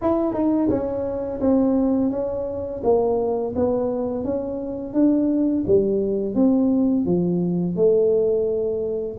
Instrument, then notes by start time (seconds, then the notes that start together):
tuba
0.01 E4
0.33 D#4
0.69 C#4
1.41 C4
2.10 C#4
2.83 A#3
3.55 B3
4.24 C#4
4.93 D4
5.66 G3
6.35 C4
7.05 F3
7.76 A3